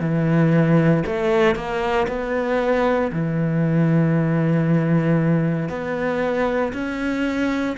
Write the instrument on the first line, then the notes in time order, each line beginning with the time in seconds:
cello
0.00 E3
1.06 A3
1.55 A#3
2.07 B3
3.12 E3
5.69 B3
6.73 C#4